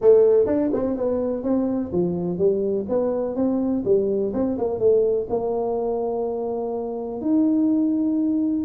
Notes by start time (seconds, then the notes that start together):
0.01 A3
0.46 D4
0.73 C4
0.96 B3
1.43 C4
1.92 F3
2.38 G3
2.88 B3
3.35 C4
3.84 G3
4.33 C4
4.58 A#3
4.79 A3
5.29 A#3
7.21 D#4